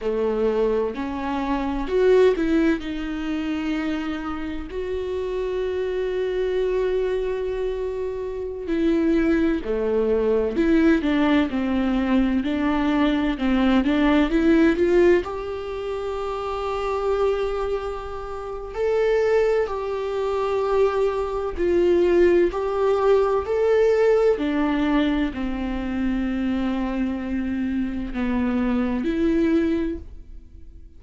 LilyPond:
\new Staff \with { instrumentName = "viola" } { \time 4/4 \tempo 4 = 64 a4 cis'4 fis'8 e'8 dis'4~ | dis'4 fis'2.~ | fis'4~ fis'16 e'4 a4 e'8 d'16~ | d'16 c'4 d'4 c'8 d'8 e'8 f'16~ |
f'16 g'2.~ g'8. | a'4 g'2 f'4 | g'4 a'4 d'4 c'4~ | c'2 b4 e'4 | }